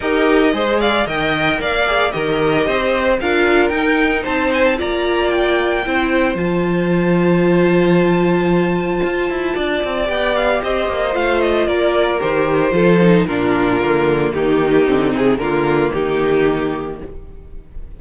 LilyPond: <<
  \new Staff \with { instrumentName = "violin" } { \time 4/4 \tempo 4 = 113 dis''4. f''8 g''4 f''4 | dis''2 f''4 g''4 | a''8 gis''16 a''16 ais''4 g''2 | a''1~ |
a''2. g''8 f''8 | dis''4 f''8 dis''8 d''4 c''4~ | c''4 ais'2 g'4~ | g'8 gis'8 ais'4 g'2 | }
  \new Staff \with { instrumentName = "violin" } { \time 4/4 ais'4 c''8 d''8 dis''4 d''4 | ais'4 c''4 ais'2 | c''4 d''2 c''4~ | c''1~ |
c''2 d''2 | c''2 ais'2 | a'4 f'2 dis'4~ | dis'4 f'4 dis'2 | }
  \new Staff \with { instrumentName = "viola" } { \time 4/4 g'4 gis'4 ais'4. gis'8 | g'2 f'4 dis'4~ | dis'4 f'2 e'4 | f'1~ |
f'2. g'4~ | g'4 f'2 g'4 | f'8 dis'8 d'4 ais2 | c'4 ais2. | }
  \new Staff \with { instrumentName = "cello" } { \time 4/4 dis'4 gis4 dis4 ais4 | dis4 c'4 d'4 dis'4 | c'4 ais2 c'4 | f1~ |
f4 f'8 e'8 d'8 c'8 b4 | c'8 ais8 a4 ais4 dis4 | f4 ais,4 d4 dis4 | d8 c8 d4 dis2 | }
>>